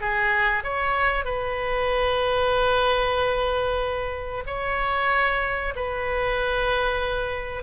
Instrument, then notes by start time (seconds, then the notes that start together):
oboe
0.00 G#4
0.63 C#5
1.24 B4
4.46 C#5
5.75 B4